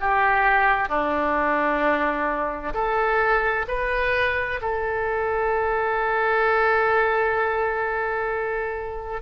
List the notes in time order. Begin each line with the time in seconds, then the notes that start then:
0.00 G4
0.88 D4
2.73 A4
3.68 B4
4.61 A4